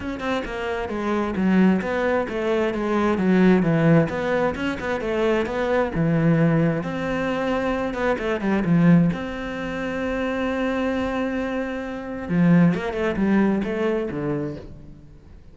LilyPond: \new Staff \with { instrumentName = "cello" } { \time 4/4 \tempo 4 = 132 cis'8 c'8 ais4 gis4 fis4 | b4 a4 gis4 fis4 | e4 b4 cis'8 b8 a4 | b4 e2 c'4~ |
c'4. b8 a8 g8 f4 | c'1~ | c'2. f4 | ais8 a8 g4 a4 d4 | }